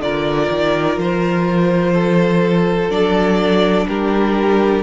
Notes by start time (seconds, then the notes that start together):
0.00 D3 F4 A#4 D5
0.50 D#3
0.97 F3 C5
1.93 A4
2.89 F#3 D4 D5
3.88 G3 G4 A#4